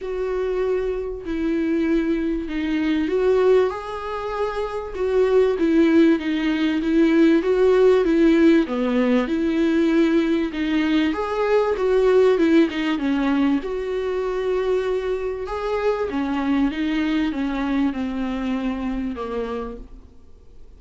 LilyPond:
\new Staff \with { instrumentName = "viola" } { \time 4/4 \tempo 4 = 97 fis'2 e'2 | dis'4 fis'4 gis'2 | fis'4 e'4 dis'4 e'4 | fis'4 e'4 b4 e'4~ |
e'4 dis'4 gis'4 fis'4 | e'8 dis'8 cis'4 fis'2~ | fis'4 gis'4 cis'4 dis'4 | cis'4 c'2 ais4 | }